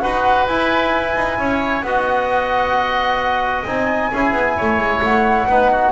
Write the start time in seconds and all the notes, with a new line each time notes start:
0.00 D#4 F#4 B4 F#5
0.46 E4 G#5
1.15 D#4
1.38 C#4 C#5
1.82 B3 F#4 D#5 F#5
3.64 C4 D#4 G#5
4.11 C#4 E4 G#4
4.31 B3
4.57 A3 C#5
4.78 G#3
5.01 A3 F#5
5.47 B3 D#4 B4
5.71 F#4